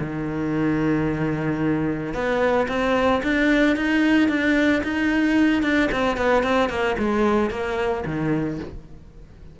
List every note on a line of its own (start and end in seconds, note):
0.00 2.14 D#3
2.14 2.68 B3
2.69 3.22 C4
3.23 3.77 D4
3.77 4.29 D#4
4.29 4.83 D4
4.84 5.63 D#4
5.63 5.90 D4
5.92 6.17 C4
6.17 6.43 B3
6.43 6.70 C4
6.70 6.97 A#3
6.99 7.51 G#3
7.51 8.04 A#3
8.06 8.60 D#3